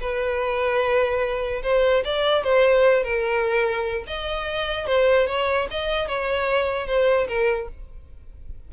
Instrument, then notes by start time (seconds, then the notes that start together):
violin
0.00 B4
1.63 C5
2.05 D5
2.44 C5
3.03 A#4
4.07 D#5
4.86 C5
5.27 C#5
5.71 D#5
6.08 C#5
6.87 C5
7.28 A#4